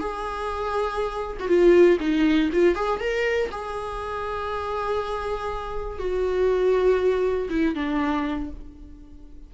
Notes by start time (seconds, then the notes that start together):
0.00 G#4
1.40 F#4
1.48 F4
2.00 D#4
2.53 F4
2.76 G#4
3.00 A#4
3.51 G#4
5.99 F#4
7.50 E4
7.75 D4